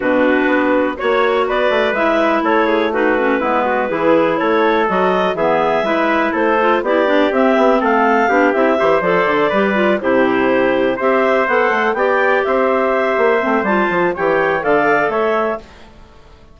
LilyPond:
<<
  \new Staff \with { instrumentName = "clarinet" } { \time 4/4 \tempo 4 = 123 b'2 cis''4 d''4 | e''4 cis''4 b'2~ | b'4 cis''4 dis''4 e''4~ | e''4 c''4 d''4 e''4 |
f''4. e''4 d''4.~ | d''8 c''2 e''4 fis''8~ | fis''8 g''4 e''2~ e''8 | a''4 g''4 f''4 e''4 | }
  \new Staff \with { instrumentName = "trumpet" } { \time 4/4 fis'2 cis''4 b'4~ | b'4 a'8 gis'8 fis'4 e'8 fis'8 | gis'4 a'2 gis'4 | b'4 a'4 g'2 |
a'4 g'4 c''4. b'8~ | b'8 g'2 c''4.~ | c''8 d''4 c''2~ c''8~ | c''4 cis''4 d''4 cis''4 | }
  \new Staff \with { instrumentName = "clarinet" } { \time 4/4 d'2 fis'2 | e'2 dis'8 cis'8 b4 | e'2 fis'4 b4 | e'4. f'8 e'8 d'8 c'4~ |
c'4 d'8 e'8 g'8 a'4 g'8 | f'8 e'2 g'4 a'8~ | a'8 g'2. c'8 | f'4 g'4 a'2 | }
  \new Staff \with { instrumentName = "bassoon" } { \time 4/4 b,4 b4 ais4 b8 a8 | gis4 a2 gis4 | e4 a4 fis4 e4 | gis4 a4 b4 c'8 b8 |
a4 b8 c'8 e8 f8 d8 g8~ | g8 c2 c'4 b8 | a8 b4 c'4. ais8 a8 | g8 f8 e4 d4 a4 | }
>>